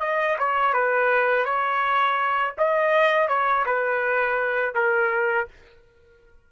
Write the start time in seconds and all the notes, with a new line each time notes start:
0.00 D#5
0.38 C#5
0.73 B4
1.44 C#5
2.57 D#5
3.28 C#5
3.66 B4
4.74 A#4